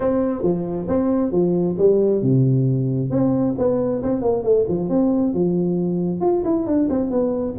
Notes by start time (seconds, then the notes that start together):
0.00 C4
0.42 F3
0.88 C4
1.31 F3
1.77 G3
2.22 C3
3.10 C4
3.57 B3
4.02 C4
4.21 A#3
4.43 A3
4.68 F3
4.89 C4
5.33 F3
6.20 F4
6.44 E4
6.66 D4
6.89 C4
7.10 B3